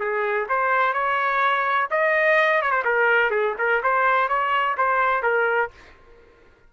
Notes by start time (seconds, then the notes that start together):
0.00 G#4
0.49 C5
0.94 C#5
1.91 D#5
2.62 C#5
2.71 C5
2.85 A#4
3.31 G#4
3.58 A#4
3.83 C5
4.29 C#5
4.78 C5
5.23 A#4